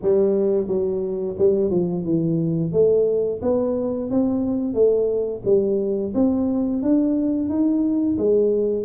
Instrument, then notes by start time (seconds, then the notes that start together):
tuba
0.02 G3
0.67 F#3
1.38 G3
1.70 F3
2.04 E3
2.72 A3
3.42 B3
4.10 C4
4.74 A3
5.45 G3
6.14 C4
6.82 D4
7.49 D#4
8.18 G#3